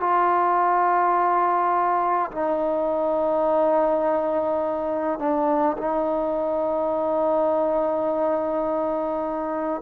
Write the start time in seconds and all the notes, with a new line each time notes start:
0.00 F4
2.31 D#4
5.19 D4
5.77 D#4